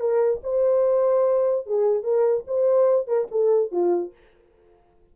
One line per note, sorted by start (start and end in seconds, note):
0.00 0.41 A#4
0.43 1.66 C5
1.66 2.03 G#4
2.03 2.44 A#4
2.47 3.07 C5
3.07 3.27 A#4
3.31 3.72 A4
3.72 4.13 F4